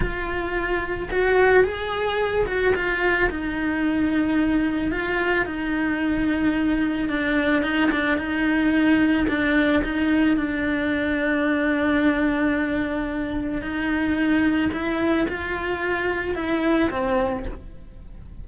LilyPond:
\new Staff \with { instrumentName = "cello" } { \time 4/4 \tempo 4 = 110 f'2 fis'4 gis'4~ | gis'8 fis'8 f'4 dis'2~ | dis'4 f'4 dis'2~ | dis'4 d'4 dis'8 d'8 dis'4~ |
dis'4 d'4 dis'4 d'4~ | d'1~ | d'4 dis'2 e'4 | f'2 e'4 c'4 | }